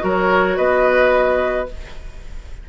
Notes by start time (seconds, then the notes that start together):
0.00 F#3 F#4 A#4
0.08 C#5
0.57 B3 B4 D#5